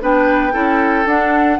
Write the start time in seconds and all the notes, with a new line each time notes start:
0.00 B3 D4 B4 G5
0.52 C#4 E4 A4
1.05 D4 F#5